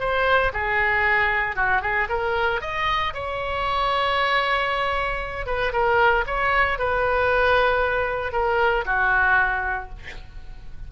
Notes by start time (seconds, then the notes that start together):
0.00 C5
0.53 G#4
1.56 F#4
1.82 G#4
2.09 A#4
2.61 D#5
3.14 C#5
5.46 B4
5.72 A#4
6.27 C#5
6.79 B4
8.32 A#4
8.85 F#4